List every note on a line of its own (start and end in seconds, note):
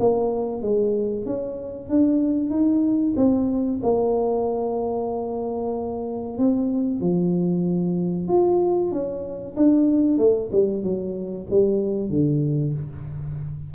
0.00 0.63 A#3
0.63 1.26 G#3
1.26 1.90 C#4
1.90 2.51 D4
2.51 3.15 D#4
3.17 3.81 C4
3.83 6.39 A#3
6.39 7.01 C4
7.01 8.28 F3
8.28 8.92 F4
8.92 9.56 C#4
9.57 10.18 D4
10.18 10.50 A3
10.53 10.84 G3
10.84 11.47 F#3
11.51 12.10 G3
12.10 12.74 D3